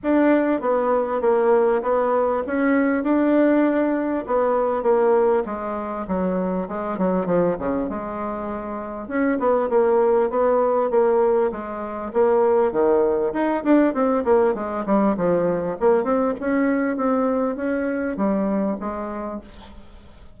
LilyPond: \new Staff \with { instrumentName = "bassoon" } { \time 4/4 \tempo 4 = 99 d'4 b4 ais4 b4 | cis'4 d'2 b4 | ais4 gis4 fis4 gis8 fis8 | f8 cis8 gis2 cis'8 b8 |
ais4 b4 ais4 gis4 | ais4 dis4 dis'8 d'8 c'8 ais8 | gis8 g8 f4 ais8 c'8 cis'4 | c'4 cis'4 g4 gis4 | }